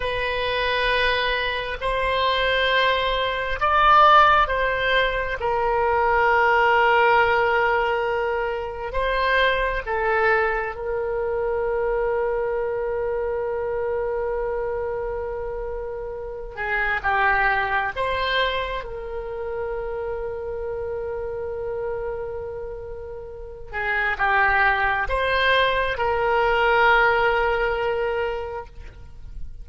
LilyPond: \new Staff \with { instrumentName = "oboe" } { \time 4/4 \tempo 4 = 67 b'2 c''2 | d''4 c''4 ais'2~ | ais'2 c''4 a'4 | ais'1~ |
ais'2~ ais'8 gis'8 g'4 | c''4 ais'2.~ | ais'2~ ais'8 gis'8 g'4 | c''4 ais'2. | }